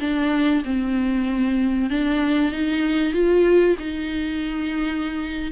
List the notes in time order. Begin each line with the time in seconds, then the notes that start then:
0.00 D4
0.65 C4
1.90 D4
2.52 D#4
3.13 F4
3.79 D#4